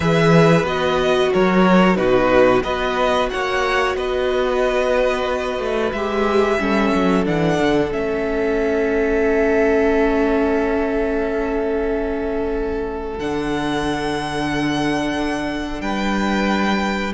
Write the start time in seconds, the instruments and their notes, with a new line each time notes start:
0.00 cello E3, viola G#4, violin B4 E5
0.63 cello B3, viola F#4, violin D#5
1.32 cello F#3, violin A#4 C#5
1.95 cello B2, viola D#4, violin F#4 B4
2.63 cello B3, viola F#4, violin B4 D#5
3.29 cello A#3, violin C#5 F#5
3.95 cello B3, violin B4 D#5
5.59 cello A3
5.92 cello G#3, viola G4, violin E5
6.59 cello G3, viola C#4, violin A4
6.94 cello F#3
7.25 cello E3, viola D4, violin F#5
7.59 cello D3
7.91 cello A3, viola C#4, violin E5
13.18 cello D3, viola D4, violin F#5
15.80 cello G3, violin B4 G5